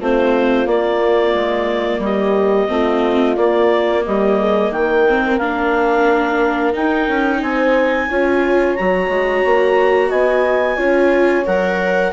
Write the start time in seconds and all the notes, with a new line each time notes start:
0.00 A3 C4 F4 C5
0.66 A#3 D5
1.34 G#3
1.99 G3 G4 D#5
2.68 A3 C4 F4
3.36 A#3 D5
4.06 G3 G4 D#5
4.40 G#4
4.71 D#3 A#4 G5
5.09 C4
5.38 A#3 D4 F5
6.73 D#4 G5
7.09 C#4
7.42 C4 C5 G#5
8.09 C#4 F4 C#5
8.76 F#3 F#4 A#5
9.09 G#3
9.45 A#3
10.10 B3 D#5 G#5
10.77 C#4 F4 C#5
11.46 F#3 A#4 F#5